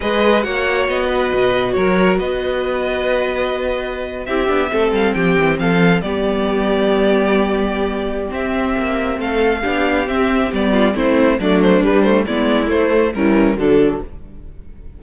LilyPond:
<<
  \new Staff \with { instrumentName = "violin" } { \time 4/4 \tempo 4 = 137 dis''4 fis''4 dis''2 | cis''4 dis''2.~ | dis''4.~ dis''16 e''4. f''8 g''16~ | g''8. f''4 d''2~ d''16~ |
d''2. e''4~ | e''4 f''2 e''4 | d''4 c''4 d''8 c''8 b'8 c''8 | d''4 c''4 ais'4 a'4 | }
  \new Staff \with { instrumentName = "violin" } { \time 4/4 b'4 cis''4. b'4. | ais'4 b'2.~ | b'4.~ b'16 g'4 a'4 g'16~ | g'8. a'4 g'2~ g'16~ |
g'1~ | g'4 a'4 g'2~ | g'8 f'8 e'4 d'2 | e'2 cis'4 d'4 | }
  \new Staff \with { instrumentName = "viola" } { \time 4/4 gis'4 fis'2.~ | fis'1~ | fis'4.~ fis'16 e'8 d'8 c'4~ c'16~ | c'4.~ c'16 b2~ b16~ |
b2. c'4~ | c'2 d'4 c'4 | b4 c'4 a4 g8 a8 | b4 a4 e4 fis4 | }
  \new Staff \with { instrumentName = "cello" } { \time 4/4 gis4 ais4 b4 b,4 | fis4 b2.~ | b4.~ b16 c'8 b8 a8 g8 f16~ | f16 e8 f4 g2~ g16~ |
g2. c'4 | ais4 a4 b4 c'4 | g4 a4 fis4 g4 | gis4 a4 g4 d4 | }
>>